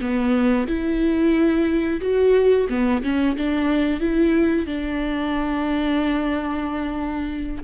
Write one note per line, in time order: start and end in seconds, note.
0.00 0.67 B3
0.67 2.00 E4
2.00 2.67 F#4
2.69 3.02 B3
3.02 3.36 C#4
3.36 4.00 D4
4.00 4.66 E4
4.66 7.63 D4